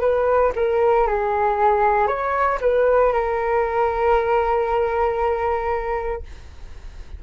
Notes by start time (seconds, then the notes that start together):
0.00 B4
0.55 A#4
1.07 G#4
2.07 C#5
2.61 B4
3.12 A#4